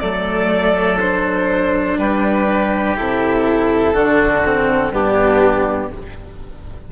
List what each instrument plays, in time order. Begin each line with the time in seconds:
0.00 bassoon F#3, cello A3, oboe A4, violin D5
1.00 cello D4, violin C5
1.98 bassoon G3, oboe G4, violin B4
2.96 bassoon C3, cello E4, violin A4
3.94 bassoon D3, cello D4, oboe F#4
4.46 cello C4
4.90 bassoon G2, cello B3, oboe D4, violin G4